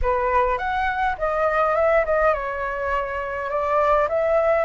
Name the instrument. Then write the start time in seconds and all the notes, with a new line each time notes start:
flute
0.02 B4
0.57 F#5
1.18 D#5
1.75 E5
2.05 D#5
2.33 C#5
3.50 D5
4.09 E5